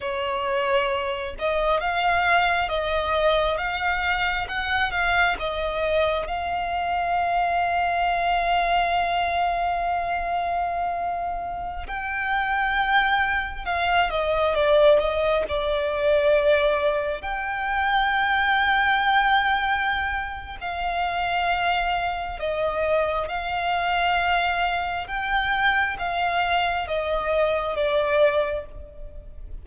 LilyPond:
\new Staff \with { instrumentName = "violin" } { \time 4/4 \tempo 4 = 67 cis''4. dis''8 f''4 dis''4 | f''4 fis''8 f''8 dis''4 f''4~ | f''1~ | f''4~ f''16 g''2 f''8 dis''16~ |
dis''16 d''8 dis''8 d''2 g''8.~ | g''2. f''4~ | f''4 dis''4 f''2 | g''4 f''4 dis''4 d''4 | }